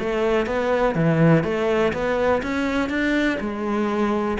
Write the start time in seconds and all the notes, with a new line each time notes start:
0.00 A3
0.47 B3
0.95 E3
1.44 A3
1.93 B3
2.43 C#4
2.90 D4
3.41 G#3